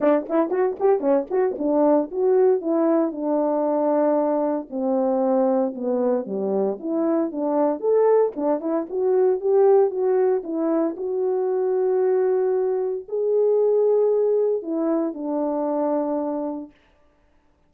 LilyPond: \new Staff \with { instrumentName = "horn" } { \time 4/4 \tempo 4 = 115 d'8 e'8 fis'8 g'8 cis'8 fis'8 d'4 | fis'4 e'4 d'2~ | d'4 c'2 b4 | g4 e'4 d'4 a'4 |
d'8 e'8 fis'4 g'4 fis'4 | e'4 fis'2.~ | fis'4 gis'2. | e'4 d'2. | }